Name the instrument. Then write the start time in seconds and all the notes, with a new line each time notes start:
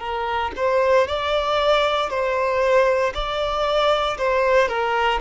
violin
0.00 A#4
0.56 C5
1.08 D5
2.10 C5
3.14 D5
4.18 C5
4.68 A#4